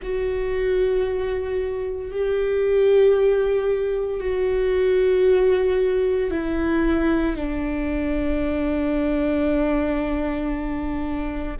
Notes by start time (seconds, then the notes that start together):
0.02 F#4
2.11 G4
4.20 F#4
6.30 E4
7.35 D4